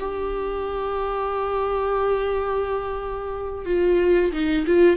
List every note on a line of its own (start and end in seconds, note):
0.00 3.65 G4
3.65 4.32 F4
4.32 4.66 D#4
4.67 4.97 F4